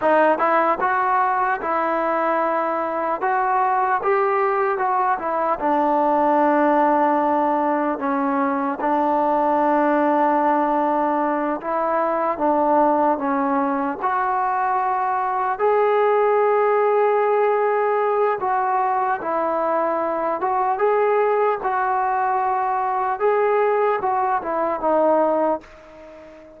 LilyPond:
\new Staff \with { instrumentName = "trombone" } { \time 4/4 \tempo 4 = 75 dis'8 e'8 fis'4 e'2 | fis'4 g'4 fis'8 e'8 d'4~ | d'2 cis'4 d'4~ | d'2~ d'8 e'4 d'8~ |
d'8 cis'4 fis'2 gis'8~ | gis'2. fis'4 | e'4. fis'8 gis'4 fis'4~ | fis'4 gis'4 fis'8 e'8 dis'4 | }